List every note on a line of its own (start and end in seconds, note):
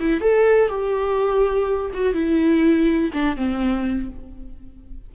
0.00 0.21 E4
0.21 0.69 A4
0.69 1.91 G4
1.94 2.14 F#4
2.14 3.12 E4
3.13 3.37 D4
3.37 4.10 C4